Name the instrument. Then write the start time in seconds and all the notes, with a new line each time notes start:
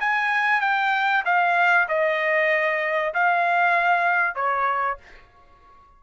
trumpet
0.00 G#5
0.61 G5
1.26 F5
1.89 D#5
3.14 F5
4.35 C#5